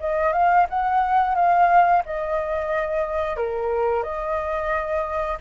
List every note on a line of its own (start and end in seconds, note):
0.00 0.33 D#5
0.33 0.66 F5
0.70 1.35 F#5
1.35 2.03 F5
2.06 3.37 D#5
3.37 4.03 A#4
4.03 5.38 D#5